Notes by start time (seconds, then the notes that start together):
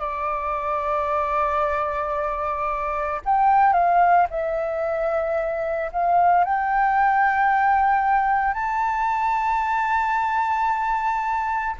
0.00 D5
3.25 G5
3.74 F5
4.31 E5
5.93 F5
6.44 G5
8.54 A5